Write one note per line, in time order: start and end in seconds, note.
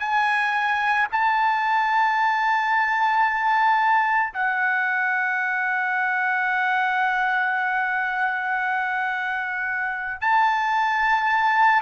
0.00 1.07 G#5
1.12 4.33 A5
4.34 10.21 F#5
10.21 11.82 A5